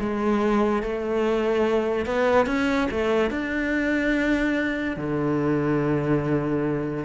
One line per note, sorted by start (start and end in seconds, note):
0.00 0.83 G#3
0.83 2.06 A3
2.06 2.47 B3
2.47 2.88 C#4
2.91 3.31 A3
3.31 4.97 D4
4.97 7.05 D3